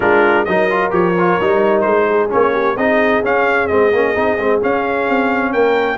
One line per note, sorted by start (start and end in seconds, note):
0.00 0.45 G#3
0.00 0.46 D4
0.00 0.46 F4
0.00 0.44 A#4
0.44 0.92 F#3
0.44 0.70 D#4
0.44 2.08 A#4
0.44 0.91 D#5
0.70 0.90 F4
0.90 1.38 F3
0.90 1.13 G4
0.90 1.80 C#5
1.19 1.41 F4
1.40 1.85 G3
1.40 2.29 D#4
1.80 2.31 G#3
1.80 2.27 C5
2.08 2.53 G#4
2.29 2.76 A#3
2.29 2.75 C#4
2.29 2.76 C#5
2.53 2.76 G4
2.76 3.22 C4
2.76 3.23 D#4
2.76 5.52 G#4
2.76 3.23 D#5
3.23 3.69 C#4
3.23 3.67 F5
3.67 3.92 G#3
3.67 3.92 C4
3.67 4.59 D#5
3.92 4.15 A#3
3.92 4.14 C#4
4.14 4.38 C4
4.14 4.37 D#4
4.38 4.61 G#3
4.38 4.60 C4
4.60 5.98 C#4
4.60 5.08 C#4
4.60 5.52 F5
5.08 5.54 C4
5.52 5.98 A#3
5.52 5.98 A#4
5.52 5.98 G5